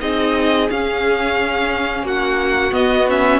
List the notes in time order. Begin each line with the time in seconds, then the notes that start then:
0.00 C4 D#4 G#4 D#5
0.68 C#4 F5
2.03 A#3 F#4 F#5
2.71 B3 D#5
3.09 C#4 E5